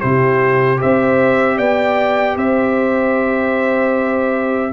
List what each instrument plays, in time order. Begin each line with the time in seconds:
0.00 tuba C3, trombone E4, horn G4, trumpet C5
0.77 trombone G4, horn C5, trumpet E5
0.84 tuba C4
1.57 tuba B3, horn D5, trumpet G5
2.36 tuba C4, horn C5, trumpet E5